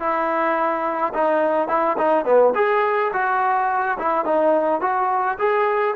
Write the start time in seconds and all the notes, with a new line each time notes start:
0.00 E4
1.13 D#4
1.68 E4
1.98 D#4
2.25 B3
2.55 G#4
3.13 F#4
3.98 E4
4.25 D#4
4.81 F#4
5.39 G#4